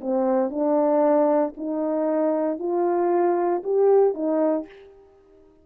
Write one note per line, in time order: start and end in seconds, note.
0.00 0.50 C4
0.50 1.53 D4
1.57 2.59 D#4
2.59 3.62 F4
3.63 4.14 G4
4.14 4.66 D#4